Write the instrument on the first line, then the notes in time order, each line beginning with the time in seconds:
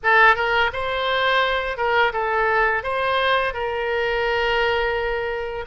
oboe
0.03 A4
0.35 A#4
0.72 C5
1.77 A#4
2.12 A4
2.83 C5
3.53 A#4